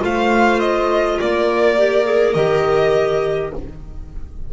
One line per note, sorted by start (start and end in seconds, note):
0.00 1.20 A3
0.00 1.76 F4
0.00 1.17 C5
0.00 0.60 F5
0.60 1.19 D#5
1.17 2.35 A#3
1.17 3.53 A#4
1.17 2.34 D5
1.78 2.05 G4
2.05 2.34 G#4
2.34 3.53 D#3
2.34 3.53 G4
2.34 3.52 D#5